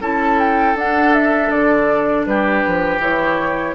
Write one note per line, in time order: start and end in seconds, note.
0.00 0.75 C#4
0.00 0.76 E4
0.00 2.25 A4
0.00 0.39 A5
0.39 0.77 G5
0.75 1.50 D4
0.75 3.01 D4
0.75 1.14 F#5
1.14 1.50 E5
1.50 2.26 D3
1.50 2.25 D5
2.26 2.63 G3
2.26 3.75 G4
2.26 3.01 B4
2.67 2.98 F3
2.98 3.73 E3
2.98 3.75 E4
2.98 3.75 C#5